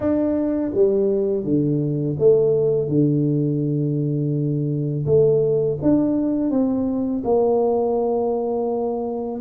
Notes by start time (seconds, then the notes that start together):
0.00 D4
0.74 G3
1.44 D3
2.18 A3
2.88 D3
5.05 A3
5.82 D4
6.50 C4
7.24 A#3